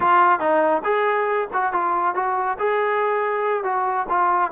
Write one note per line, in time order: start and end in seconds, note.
0.00 0.39 F4
0.39 0.82 D#4
0.84 1.48 G#4
1.53 1.73 F#4
1.73 2.14 F4
2.14 2.57 F#4
2.58 3.63 G#4
3.63 4.06 F#4
4.09 4.51 F4